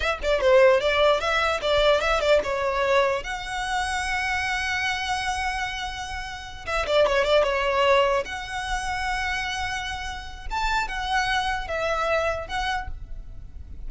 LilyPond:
\new Staff \with { instrumentName = "violin" } { \time 4/4 \tempo 4 = 149 e''8 d''8 c''4 d''4 e''4 | d''4 e''8 d''8 cis''2 | fis''1~ | fis''1~ |
fis''8 e''8 d''8 cis''8 d''8 cis''4.~ | cis''8 fis''2.~ fis''8~ | fis''2 a''4 fis''4~ | fis''4 e''2 fis''4 | }